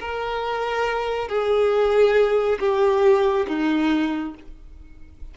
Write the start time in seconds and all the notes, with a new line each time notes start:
0.00 A#4
1.28 G#4
2.60 G4
3.48 D#4